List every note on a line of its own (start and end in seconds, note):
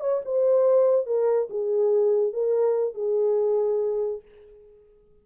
0.00 0.21 C#5
0.25 1.06 C5
1.06 1.49 A#4
1.50 2.33 G#4
2.33 2.94 A#4
2.94 4.22 G#4